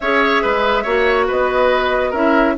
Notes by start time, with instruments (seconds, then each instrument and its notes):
0.00 bassoon C#4, clarinet G#4, oboe C#5, flute E5
0.42 bassoon G#3, oboe B4
0.83 bassoon A#3, clarinet F#4, oboe C#5
1.27 bassoon B3, oboe B4, flute D#5
2.10 bassoon C#4, clarinet E4, oboe A#4, flute E5